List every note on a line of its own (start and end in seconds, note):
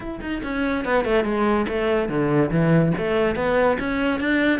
0.00 0.19 E4
0.20 0.41 D#4
0.43 0.84 C#4
0.84 1.05 B3
1.05 1.24 A3
1.24 1.66 G#3
1.68 2.08 A3
2.08 2.50 D3
2.50 2.92 E3
2.97 3.35 A3
3.35 3.77 B3
3.79 4.20 C#4
4.20 4.59 D4